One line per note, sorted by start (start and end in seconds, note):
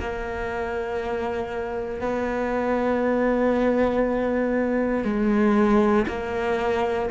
0.00 2.01 A#3
2.01 5.04 B3
5.04 6.06 G#3
6.08 7.10 A#3